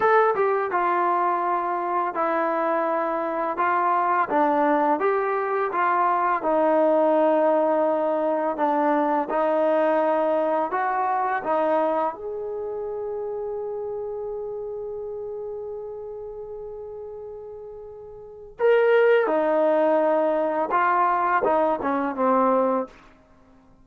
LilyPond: \new Staff \with { instrumentName = "trombone" } { \time 4/4 \tempo 4 = 84 a'8 g'8 f'2 e'4~ | e'4 f'4 d'4 g'4 | f'4 dis'2. | d'4 dis'2 fis'4 |
dis'4 gis'2.~ | gis'1~ | gis'2 ais'4 dis'4~ | dis'4 f'4 dis'8 cis'8 c'4 | }